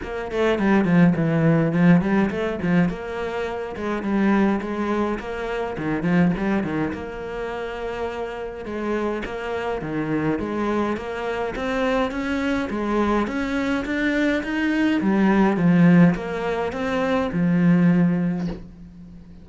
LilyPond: \new Staff \with { instrumentName = "cello" } { \time 4/4 \tempo 4 = 104 ais8 a8 g8 f8 e4 f8 g8 | a8 f8 ais4. gis8 g4 | gis4 ais4 dis8 f8 g8 dis8 | ais2. gis4 |
ais4 dis4 gis4 ais4 | c'4 cis'4 gis4 cis'4 | d'4 dis'4 g4 f4 | ais4 c'4 f2 | }